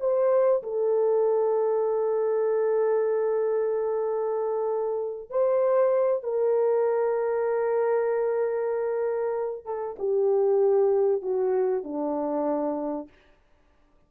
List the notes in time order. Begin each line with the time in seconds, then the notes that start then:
0.00 C5
0.63 A4
5.30 C5
6.23 A#4
9.65 A4
9.99 G4
11.22 F#4
11.84 D4